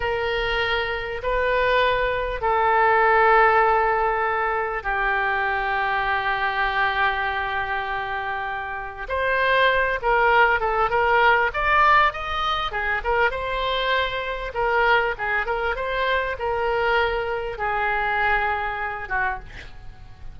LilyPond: \new Staff \with { instrumentName = "oboe" } { \time 4/4 \tempo 4 = 99 ais'2 b'2 | a'1 | g'1~ | g'2. c''4~ |
c''8 ais'4 a'8 ais'4 d''4 | dis''4 gis'8 ais'8 c''2 | ais'4 gis'8 ais'8 c''4 ais'4~ | ais'4 gis'2~ gis'8 fis'8 | }